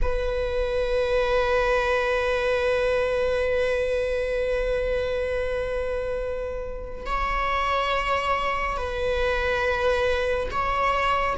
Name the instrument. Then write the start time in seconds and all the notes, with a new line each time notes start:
viola
0.02 B4
7.06 C#5
8.77 B4
10.51 C#5